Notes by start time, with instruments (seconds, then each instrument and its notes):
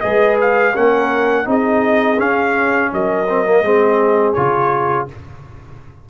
0.00 tuba G#3, trombone G#4, horn B4, trumpet D#5
0.41 trumpet F5
0.74 tuba A#3, trombone C#4, horn A#4, trumpet F#5
1.45 tuba C4, trombone D#4, horn G#4, trumpet D#5
2.18 tuba C#4, trombone C#4, trumpet F5
2.92 tuba F#3, horn A#4, trumpet D#5
3.29 trombone C4
3.45 trombone A#3
3.62 tuba G#3, trombone C4, horn G#4
4.33 tuba C#3, trombone F4, trumpet C#5